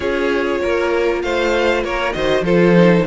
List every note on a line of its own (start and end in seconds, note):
0.00 0.60 C#4
0.00 2.13 F4
0.00 0.61 G#4
0.00 1.21 C#5
0.61 1.23 A#3
0.61 1.22 A#4
1.21 1.84 A3
1.21 1.83 C5
1.21 1.83 F5
1.83 2.14 A#3
1.83 2.14 A#4
1.83 2.12 C#5
2.12 2.41 D#3
2.12 2.43 F#4
2.12 2.44 C5
2.12 2.43 D#5
2.41 3.03 F3
2.41 2.76 F4
2.41 3.05 A4
2.41 3.06 C5
2.76 3.06 D#4